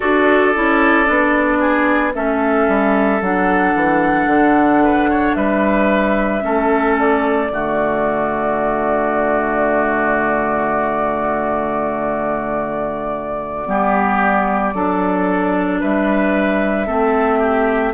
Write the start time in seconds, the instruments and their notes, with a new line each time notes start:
0.00 bassoon D4, clarinet F#4, oboe A4, flute D5
0.54 bassoon C#4, clarinet E4
1.05 bassoon B3, clarinet D4
1.59 oboe G#4
2.14 bassoon A3, clarinet C#4, oboe A4, flute E5
2.68 bassoon G3
3.21 bassoon F#3, clarinet D4, flute F#5
3.75 bassoon E3
4.26 bassoon D3
4.83 oboe B4
5.09 oboe C#5
5.34 bassoon G3, oboe B4, flute E5
6.41 bassoon A3, clarinet C#4, oboe A4
6.98 flute D5
7.51 bassoon D3, clarinet A3, oboe F#4
13.65 bassoon G3, clarinet B3, oboe G4
14.74 bassoon F#3, clarinet D4, oboe A4
15.79 bassoon G3, oboe B4, flute E5
16.86 bassoon A3, clarinet C4, oboe A4
17.38 oboe G4